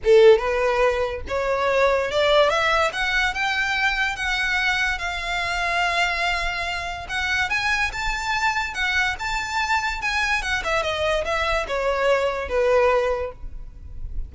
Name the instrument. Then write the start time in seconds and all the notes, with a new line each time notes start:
violin
0.04 A4
0.38 B4
1.28 C#5
2.11 D5
2.49 E5
2.93 F#5
3.34 G5
4.16 F#5
4.98 F5
7.08 F#5
7.49 G#5
7.92 A5
8.74 F#5
9.19 A5
10.01 G#5
10.41 F#5
10.64 E5
10.82 D#5
11.24 E5
11.67 C#5
12.48 B4